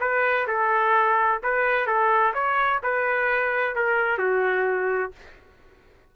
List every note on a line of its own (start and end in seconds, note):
0.00 0.47 B4
0.47 1.41 A4
1.43 1.86 B4
1.86 2.33 A4
2.34 2.81 C#5
2.83 3.75 B4
3.75 4.18 A#4
4.18 5.12 F#4